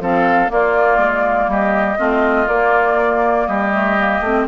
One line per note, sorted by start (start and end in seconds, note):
0.00 0.50 F3
0.00 0.48 C4
0.00 0.52 A4
0.00 0.52 F5
0.48 1.97 A#3
0.48 0.98 A#3
0.48 1.51 F4
0.48 1.51 D5
0.98 1.47 G#3
1.48 1.97 G3
1.48 1.98 G4
1.48 2.48 D#5
1.98 2.48 A3
1.98 2.47 C4
1.98 3.47 F4
2.48 3.47 A#3
2.48 3.73 A#3
2.48 3.47 D5
3.47 4.20 G3
3.47 4.47 G4
3.47 4.46 D#5
3.73 3.97 A3
3.98 4.23 A#3
4.20 4.45 A3
4.20 4.48 C4